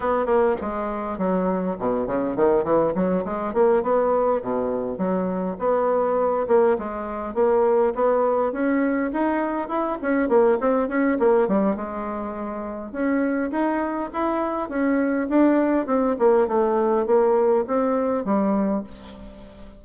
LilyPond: \new Staff \with { instrumentName = "bassoon" } { \time 4/4 \tempo 4 = 102 b8 ais8 gis4 fis4 b,8 cis8 | dis8 e8 fis8 gis8 ais8 b4 b,8~ | b,8 fis4 b4. ais8 gis8~ | gis8 ais4 b4 cis'4 dis'8~ |
dis'8 e'8 cis'8 ais8 c'8 cis'8 ais8 g8 | gis2 cis'4 dis'4 | e'4 cis'4 d'4 c'8 ais8 | a4 ais4 c'4 g4 | }